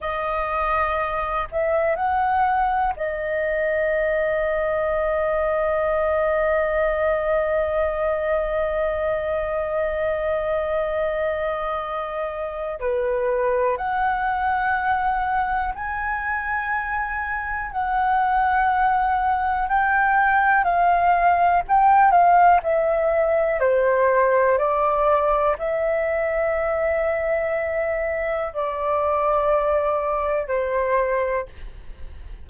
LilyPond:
\new Staff \with { instrumentName = "flute" } { \time 4/4 \tempo 4 = 61 dis''4. e''8 fis''4 dis''4~ | dis''1~ | dis''1~ | dis''4 b'4 fis''2 |
gis''2 fis''2 | g''4 f''4 g''8 f''8 e''4 | c''4 d''4 e''2~ | e''4 d''2 c''4 | }